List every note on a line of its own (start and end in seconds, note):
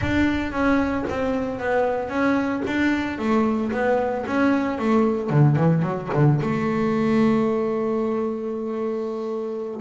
0.01 0.51 D4
0.51 1.05 C#4
1.09 1.59 C4
1.59 2.09 B3
2.09 2.62 C#4
2.66 3.18 D4
3.18 3.71 A3
3.71 4.25 B3
4.26 4.78 C#4
4.78 5.30 A3
5.30 5.55 D3
5.55 5.82 E3
5.82 6.09 F#3
6.13 6.40 D3
6.40 9.81 A3